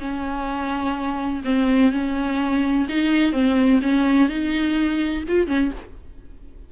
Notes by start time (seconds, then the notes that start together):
0.00 C#4
1.45 C4
1.93 C#4
2.89 D#4
3.33 C4
3.82 C#4
4.29 D#4
5.29 F4
5.48 C#4